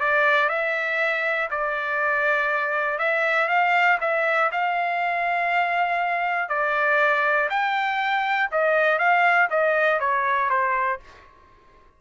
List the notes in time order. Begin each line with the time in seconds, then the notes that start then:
0.00 D5
0.49 E5
1.50 D5
2.98 E5
3.48 F5
4.00 E5
4.52 F5
6.49 D5
7.50 G5
8.51 D#5
8.98 F5
9.50 D#5
9.99 C#5
10.50 C5